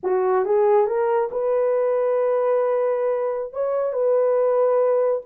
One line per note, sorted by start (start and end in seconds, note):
0.03 0.45 F#4
0.45 0.86 G#4
0.86 1.29 A#4
1.31 3.53 B4
3.53 3.93 C#5
3.93 5.21 B4